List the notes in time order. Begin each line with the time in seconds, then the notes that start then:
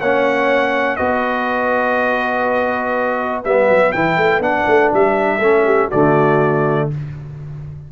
0.00 A#3 C#4 C#5 F#5
0.96 B3 F#4 B4 D#5
3.45 G3 B3 E5
3.69 F#3
3.92 E3 E4 G5
4.17 A3
4.39 B3 D4 F#5
4.67 A3
4.93 G3 E5
5.37 A3 C#4 A4
5.65 G4
5.88 D3 A3 F#4 D5